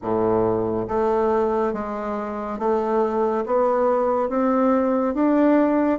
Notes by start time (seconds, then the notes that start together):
0.02 A2
0.88 A3
1.73 G#3
2.58 A3
3.46 B3
4.29 C4
5.14 D4